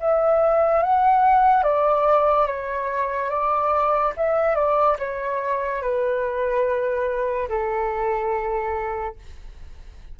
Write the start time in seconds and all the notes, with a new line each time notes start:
0.00 E5
0.83 F#5
1.63 D5
2.46 C#5
3.30 D5
4.17 E5
4.55 D5
4.98 C#5
5.81 B4
7.48 A4